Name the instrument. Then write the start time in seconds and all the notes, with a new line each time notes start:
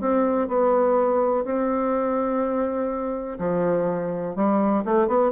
bassoon
0.00 C4
0.48 B3
1.44 C4
3.38 F3
4.35 G3
4.85 A3
5.07 B3